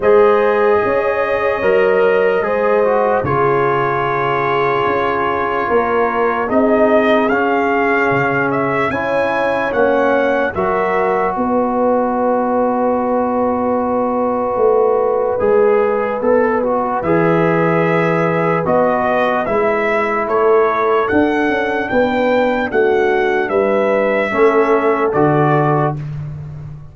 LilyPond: <<
  \new Staff \with { instrumentName = "trumpet" } { \time 4/4 \tempo 4 = 74 dis''1 | cis''1 | dis''4 f''4. e''8 gis''4 | fis''4 e''4 dis''2~ |
dis''1~ | dis''4 e''2 dis''4 | e''4 cis''4 fis''4 g''4 | fis''4 e''2 d''4 | }
  \new Staff \with { instrumentName = "horn" } { \time 4/4 c''4 cis''2 c''4 | gis'2. ais'4 | gis'2. cis''4~ | cis''4 ais'4 b'2~ |
b'1~ | b'1~ | b'4 a'2 b'4 | fis'4 b'4 a'2 | }
  \new Staff \with { instrumentName = "trombone" } { \time 4/4 gis'2 ais'4 gis'8 fis'8 | f'1 | dis'4 cis'2 e'4 | cis'4 fis'2.~ |
fis'2. gis'4 | a'8 fis'8 gis'2 fis'4 | e'2 d'2~ | d'2 cis'4 fis'4 | }
  \new Staff \with { instrumentName = "tuba" } { \time 4/4 gis4 cis'4 fis4 gis4 | cis2 cis'4 ais4 | c'4 cis'4 cis4 cis'4 | ais4 fis4 b2~ |
b2 a4 gis4 | b4 e2 b4 | gis4 a4 d'8 cis'8 b4 | a4 g4 a4 d4 | }
>>